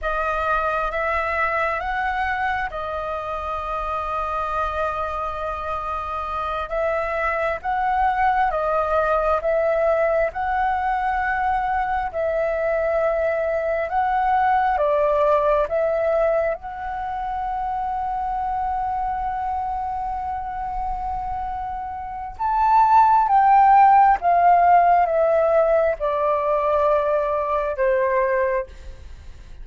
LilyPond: \new Staff \with { instrumentName = "flute" } { \time 4/4 \tempo 4 = 67 dis''4 e''4 fis''4 dis''4~ | dis''2.~ dis''8 e''8~ | e''8 fis''4 dis''4 e''4 fis''8~ | fis''4. e''2 fis''8~ |
fis''8 d''4 e''4 fis''4.~ | fis''1~ | fis''4 a''4 g''4 f''4 | e''4 d''2 c''4 | }